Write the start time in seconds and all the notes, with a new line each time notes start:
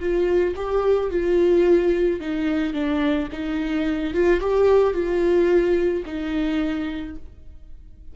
0.00 F4
0.56 G4
1.11 F4
2.20 D#4
2.74 D4
3.32 D#4
4.14 F4
4.40 G4
4.93 F4
6.06 D#4